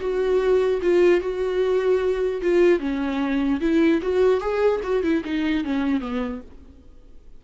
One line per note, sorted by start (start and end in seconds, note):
0.00 0.81 F#4
0.82 1.21 F4
1.21 2.41 F#4
2.42 2.79 F4
2.79 3.60 C#4
3.61 4.01 E4
4.02 4.40 F#4
4.40 4.81 G#4
4.83 5.03 F#4
5.03 5.23 E4
5.24 5.64 D#4
5.64 6.01 C#4
6.01 6.41 B3